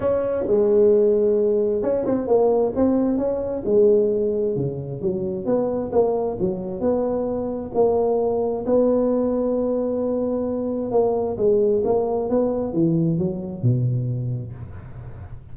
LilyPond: \new Staff \with { instrumentName = "tuba" } { \time 4/4 \tempo 4 = 132 cis'4 gis2. | cis'8 c'8 ais4 c'4 cis'4 | gis2 cis4 fis4 | b4 ais4 fis4 b4~ |
b4 ais2 b4~ | b1 | ais4 gis4 ais4 b4 | e4 fis4 b,2 | }